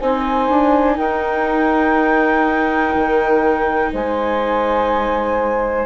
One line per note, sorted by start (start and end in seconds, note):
0.00 0.49 C4
0.00 5.86 D#4
0.00 0.96 C5
0.00 0.97 G#5
0.49 0.98 D4
0.96 2.94 D#4
0.96 3.91 A#4
0.96 3.92 G5
2.95 3.93 D#3
3.92 5.86 G#3
3.92 5.86 C5
3.92 5.86 G#5